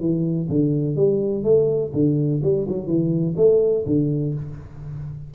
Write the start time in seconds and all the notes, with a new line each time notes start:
0.00 E3
0.49 D3
0.96 G3
1.44 A3
1.93 D3
2.43 G3
2.68 F#3
2.87 E3
3.36 A3
3.86 D3